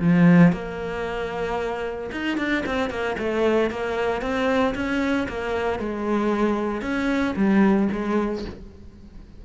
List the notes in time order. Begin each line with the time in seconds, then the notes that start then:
0.00 F3
0.53 A#3
2.12 D#4
2.38 D4
2.67 C4
2.90 A#3
3.18 A3
3.71 A#3
4.22 C4
4.75 C#4
5.28 A#3
5.79 G#3
6.82 C#4
7.36 G3
7.92 G#3